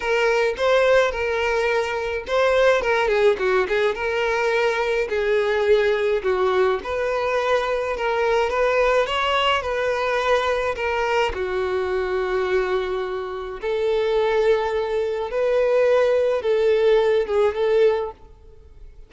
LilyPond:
\new Staff \with { instrumentName = "violin" } { \time 4/4 \tempo 4 = 106 ais'4 c''4 ais'2 | c''4 ais'8 gis'8 fis'8 gis'8 ais'4~ | ais'4 gis'2 fis'4 | b'2 ais'4 b'4 |
cis''4 b'2 ais'4 | fis'1 | a'2. b'4~ | b'4 a'4. gis'8 a'4 | }